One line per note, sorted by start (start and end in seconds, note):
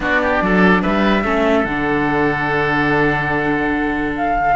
0.00 0.41 B3
0.00 1.24 D4
0.00 0.21 F#4
0.00 0.82 D5
0.22 0.42 G4
0.41 0.83 F#3
0.41 0.81 A4
0.81 1.24 G3
0.81 1.23 B4
0.81 1.64 E5
1.24 1.64 A3
1.24 1.65 C#4
1.24 4.55 A4
1.64 4.54 D3
1.64 4.55 D4
1.64 4.13 F#5
4.16 4.55 F5